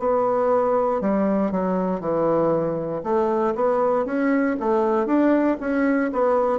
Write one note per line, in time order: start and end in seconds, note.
0.00 1.02 B3
1.02 1.52 G3
1.52 2.01 F#3
2.01 3.02 E3
3.04 3.55 A3
3.55 4.06 B3
4.06 4.57 C#4
4.60 5.07 A3
5.07 5.57 D4
5.61 6.12 C#4
6.13 6.60 B3